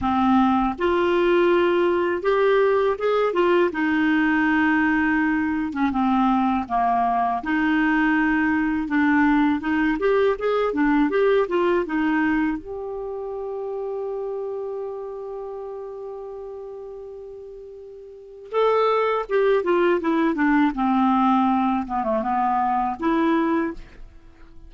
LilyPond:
\new Staff \with { instrumentName = "clarinet" } { \time 4/4 \tempo 4 = 81 c'4 f'2 g'4 | gis'8 f'8 dis'2~ dis'8. cis'16 | c'4 ais4 dis'2 | d'4 dis'8 g'8 gis'8 d'8 g'8 f'8 |
dis'4 g'2.~ | g'1~ | g'4 a'4 g'8 f'8 e'8 d'8 | c'4. b16 a16 b4 e'4 | }